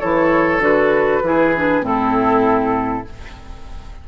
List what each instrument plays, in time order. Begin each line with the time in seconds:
0.00 bassoon E3, clarinet E4, oboe A4, flute C#5
0.59 bassoon D3, clarinet F#4, flute B4
1.23 bassoon E3, clarinet E4, oboe G#4
1.57 clarinet D4
1.82 bassoon A2, clarinet C4, oboe E4, flute A4